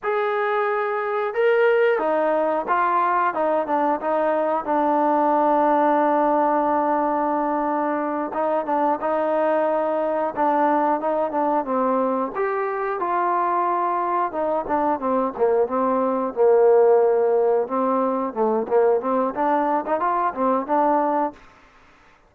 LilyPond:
\new Staff \with { instrumentName = "trombone" } { \time 4/4 \tempo 4 = 90 gis'2 ais'4 dis'4 | f'4 dis'8 d'8 dis'4 d'4~ | d'1~ | d'8 dis'8 d'8 dis'2 d'8~ |
d'8 dis'8 d'8 c'4 g'4 f'8~ | f'4. dis'8 d'8 c'8 ais8 c'8~ | c'8 ais2 c'4 a8 | ais8 c'8 d'8. dis'16 f'8 c'8 d'4 | }